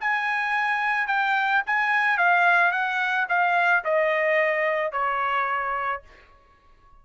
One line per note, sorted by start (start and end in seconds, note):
0.00 1.07 G#5
1.07 1.62 G5
1.66 2.17 G#5
2.17 2.71 F5
2.71 3.26 F#5
3.29 3.84 F5
3.84 4.91 D#5
4.91 6.02 C#5